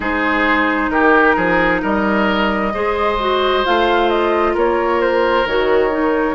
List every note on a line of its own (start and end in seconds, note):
0.00 0.89 G#3
0.00 2.70 D#4
0.00 0.90 G#4
0.00 0.90 C5
0.89 1.34 D#3
0.89 1.35 G4
0.89 1.80 A#4
1.35 1.82 F3
1.35 1.81 G#4
1.81 2.73 G3
1.81 2.72 A#4
1.81 3.65 D#5
2.73 3.65 G#3
2.73 3.19 G#4
2.73 4.53 C5
3.19 3.64 F#4
3.64 4.55 A3
3.64 5.45 F4
3.64 4.09 F5
4.09 4.54 D#5
4.53 5.45 A#3
4.53 6.34 A#4
4.53 5.01 C#5
5.01 5.46 C5
5.45 6.34 D#3
5.45 5.90 F#4
5.45 6.34 C#5
5.90 6.34 D#4